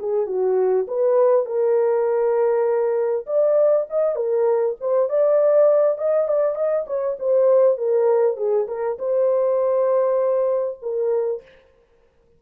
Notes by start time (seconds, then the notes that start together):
0.00 G#4
0.27 F#4
0.88 B4
1.46 A#4
3.27 D5
3.90 D#5
4.16 A#4
4.81 C5
5.09 D5
5.98 D#5
6.28 D5
6.56 D#5
6.87 C#5
7.20 C5
7.78 A#4
8.37 G#4
8.68 A#4
8.99 C5
10.82 A#4